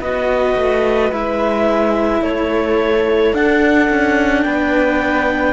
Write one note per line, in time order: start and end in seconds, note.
0.00 0.56 B3
0.00 1.12 F#4
0.00 2.22 B4
0.00 1.12 D#5
0.56 1.12 A3
1.12 2.22 G#3
1.12 3.34 E4
1.12 2.23 E5
2.22 3.33 A3
2.22 4.46 A4
2.22 3.34 C#5
3.34 3.89 D4
3.34 5.53 D4
3.34 4.43 F#5
3.90 4.45 C#4
4.43 5.53 B3
4.43 5.53 B4
4.43 5.53 G5